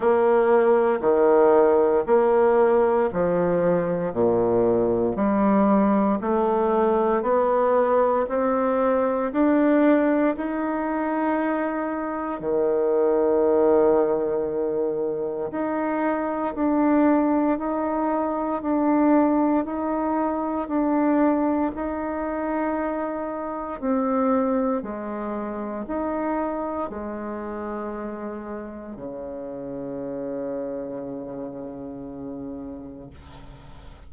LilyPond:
\new Staff \with { instrumentName = "bassoon" } { \time 4/4 \tempo 4 = 58 ais4 dis4 ais4 f4 | ais,4 g4 a4 b4 | c'4 d'4 dis'2 | dis2. dis'4 |
d'4 dis'4 d'4 dis'4 | d'4 dis'2 c'4 | gis4 dis'4 gis2 | cis1 | }